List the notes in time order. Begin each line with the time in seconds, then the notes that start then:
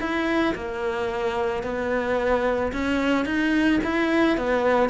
0.00 E4
0.55 A#3
1.63 B3
2.72 C#4
3.25 D#4
3.83 E4
4.37 B3